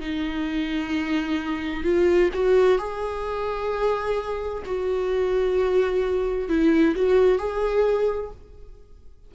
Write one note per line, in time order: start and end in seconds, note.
0.00 1.83 D#4
1.83 2.30 F4
2.33 2.78 F#4
2.78 4.63 G#4
4.65 6.49 F#4
6.49 6.95 E4
6.95 7.38 F#4
7.38 8.31 G#4